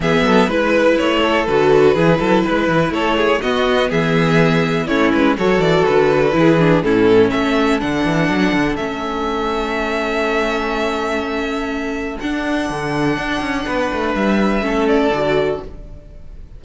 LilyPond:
<<
  \new Staff \with { instrumentName = "violin" } { \time 4/4 \tempo 4 = 123 e''4 b'4 cis''4 b'4~ | b'2 cis''4 dis''4 | e''2 cis''8 b'8 cis''8 d''8 | b'2 a'4 e''4 |
fis''2 e''2~ | e''1~ | e''4 fis''2.~ | fis''4 e''4. d''4. | }
  \new Staff \with { instrumentName = "violin" } { \time 4/4 gis'8 a'8 b'4. a'4. | gis'8 a'8 b'4 a'8 gis'8 fis'4 | gis'2 e'4 a'4~ | a'4 gis'4 e'4 a'4~ |
a'1~ | a'1~ | a'1 | b'2 a'2 | }
  \new Staff \with { instrumentName = "viola" } { \time 4/4 b4 e'2 fis'4 | e'2. b4~ | b2 cis'4 fis'4~ | fis'4 e'8 d'8 cis'2 |
d'2 cis'2~ | cis'1~ | cis'4 d'2.~ | d'2 cis'4 fis'4 | }
  \new Staff \with { instrumentName = "cello" } { \time 4/4 e8 fis8 gis4 a4 d4 | e8 fis8 gis8 e8 a4 b4 | e2 a8 gis8 fis8 e8 | d4 e4 a,4 a4 |
d8 e8 fis8 d8 a2~ | a1~ | a4 d'4 d4 d'8 cis'8 | b8 a8 g4 a4 d4 | }
>>